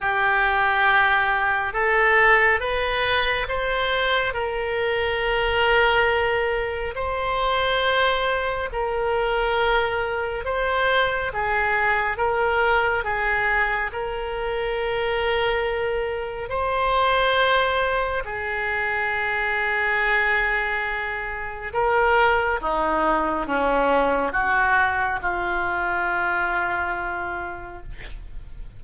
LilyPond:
\new Staff \with { instrumentName = "oboe" } { \time 4/4 \tempo 4 = 69 g'2 a'4 b'4 | c''4 ais'2. | c''2 ais'2 | c''4 gis'4 ais'4 gis'4 |
ais'2. c''4~ | c''4 gis'2.~ | gis'4 ais'4 dis'4 cis'4 | fis'4 f'2. | }